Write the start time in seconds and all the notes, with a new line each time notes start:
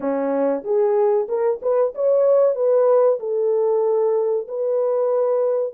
0.00 C#4
0.64 G#4
1.28 A#4
1.62 B4
1.95 C#5
2.55 B4
3.19 A4
4.48 B4